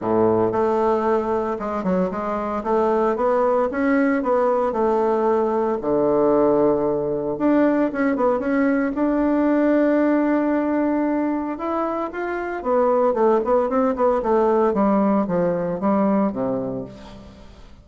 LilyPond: \new Staff \with { instrumentName = "bassoon" } { \time 4/4 \tempo 4 = 114 a,4 a2 gis8 fis8 | gis4 a4 b4 cis'4 | b4 a2 d4~ | d2 d'4 cis'8 b8 |
cis'4 d'2.~ | d'2 e'4 f'4 | b4 a8 b8 c'8 b8 a4 | g4 f4 g4 c4 | }